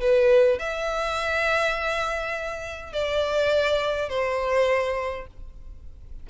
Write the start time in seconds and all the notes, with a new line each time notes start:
0.00 B4
0.58 E5
2.92 D5
4.09 C5